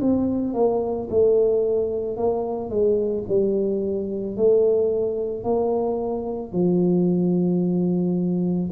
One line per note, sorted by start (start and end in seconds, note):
0.00 0.54 C4
0.54 1.08 A#3
1.10 2.16 A3
2.16 2.69 A#3
2.69 3.24 G#3
3.27 4.36 G3
4.36 5.43 A3
5.43 6.52 A#3
6.52 8.70 F3